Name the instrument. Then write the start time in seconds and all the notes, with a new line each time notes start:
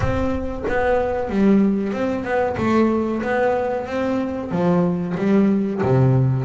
double bass
0.00 C4
0.67 B3
1.29 G3
1.92 C4
2.23 B3
2.57 A3
3.22 B3
3.86 C4
4.51 F3
5.17 G3
5.82 C3